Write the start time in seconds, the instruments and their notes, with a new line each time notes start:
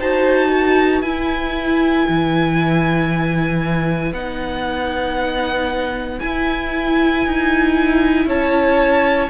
0.00 cello D#4, viola F#4, violin C5 A5
0.49 violin B4
1.02 cello E4, viola E4, violin G#5
2.09 cello E3
4.13 cello B3, viola D#4, violin F#5
6.20 viola E4, cello E4, violin G#5
7.27 cello D#4
8.26 cello C#4, violin C#5 A5